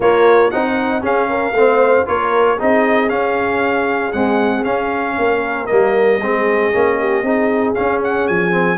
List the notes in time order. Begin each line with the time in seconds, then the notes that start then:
0.00 A#3 F4 C#5
0.50 C4 D#4 F#5
1.01 C#4 G#4 F5
1.29 A#4
1.52 A3 C4 C5
2.05 A#3 F4 A#4 C#5
2.56 C4 D#4 G#4 D#5
3.08 C#4 F5
4.12 G#3 C4 F#5
4.64 C#4 F5
5.18 A#3 A#4
5.66 G3 A#3 D#5
6.20 G#3 C4 G#4
6.72 A#3 C#4
6.98 G4
7.22 C4 D#4 G#4
7.74 C#4 F5
8.03 F#5
8.27 F3 G#5
8.50 C4